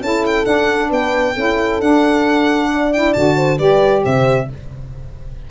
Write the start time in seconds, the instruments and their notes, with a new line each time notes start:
0.00 tuba C#4, saxophone E4, horn A4, violin A5
0.25 violin G5
0.44 saxophone D4, tuba D4, violin F#5
0.88 tuba B3, horn B4, violin G5
1.33 tuba C#4, saxophone E4, horn A4
1.80 saxophone D4, tuba D4, violin F#5
2.72 horn D5
2.93 saxophone E4, violin G5
3.13 tuba D3, saxophone F#4, violin A5
3.36 horn C5
3.58 tuba G3, saxophone G4, horn B4, violin D5
4.03 tuba C3, horn C5, violin E5